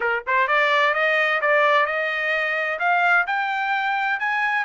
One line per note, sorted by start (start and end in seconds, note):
0.00 0.23 A#4
0.26 0.47 C5
0.47 0.94 D5
0.94 1.40 D#5
1.41 1.86 D5
1.86 2.79 D#5
2.79 3.25 F5
3.27 4.19 G5
4.19 4.64 G#5